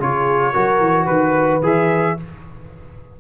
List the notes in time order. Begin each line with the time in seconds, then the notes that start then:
0.00 C#3 F4 G#4 C#5
0.53 F#3 F#4 A#4
0.80 E3
1.06 D#3 B4
1.62 E3 G#4 E5